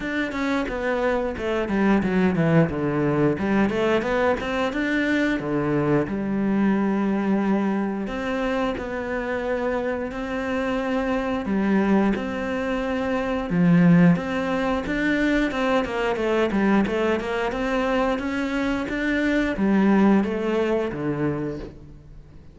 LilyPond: \new Staff \with { instrumentName = "cello" } { \time 4/4 \tempo 4 = 89 d'8 cis'8 b4 a8 g8 fis8 e8 | d4 g8 a8 b8 c'8 d'4 | d4 g2. | c'4 b2 c'4~ |
c'4 g4 c'2 | f4 c'4 d'4 c'8 ais8 | a8 g8 a8 ais8 c'4 cis'4 | d'4 g4 a4 d4 | }